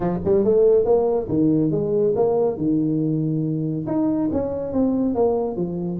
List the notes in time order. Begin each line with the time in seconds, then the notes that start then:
0.00 F3
0.24 G3
0.44 A3
0.85 A#3
1.28 D#3
1.71 G#3
2.15 A#3
2.57 D#3
3.86 D#4
4.32 C#4
4.72 C4
5.14 A#3
5.56 F3